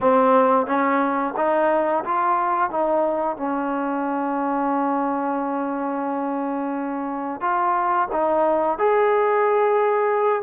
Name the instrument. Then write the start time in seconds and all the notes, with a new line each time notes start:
trombone
0.00 C4
0.66 C#4
1.36 D#4
2.04 F4
2.70 D#4
3.36 C#4
7.40 F4
8.12 D#4
8.78 G#4